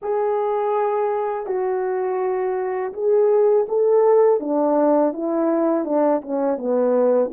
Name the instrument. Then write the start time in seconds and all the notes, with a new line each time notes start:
horn
0.02 G#4
1.46 F#4
2.93 G#4
3.68 A4
4.39 D4
5.13 E4
5.84 D4
6.21 C#4
6.57 B3